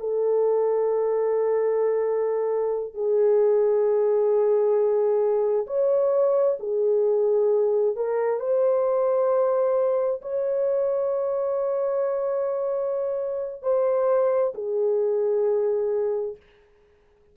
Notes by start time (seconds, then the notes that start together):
0.00 A4
2.94 G#4
5.67 C#5
6.60 G#4
7.97 A#4
8.40 C5
10.22 C#5
13.63 C5
14.55 G#4